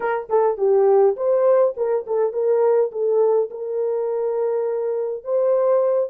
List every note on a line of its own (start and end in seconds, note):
0.00 0.29 A#4
0.29 0.57 A4
0.57 1.15 G4
1.16 1.74 C5
1.76 2.05 A#4
2.06 2.32 A4
2.32 2.91 A#4
2.91 3.49 A4
3.50 5.23 A#4
5.23 6.10 C5